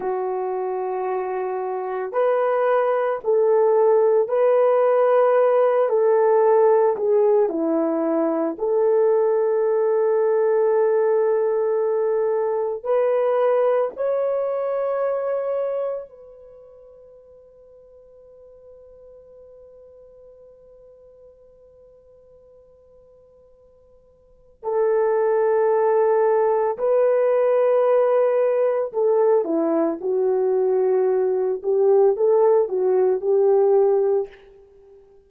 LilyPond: \new Staff \with { instrumentName = "horn" } { \time 4/4 \tempo 4 = 56 fis'2 b'4 a'4 | b'4. a'4 gis'8 e'4 | a'1 | b'4 cis''2 b'4~ |
b'1~ | b'2. a'4~ | a'4 b'2 a'8 e'8 | fis'4. g'8 a'8 fis'8 g'4 | }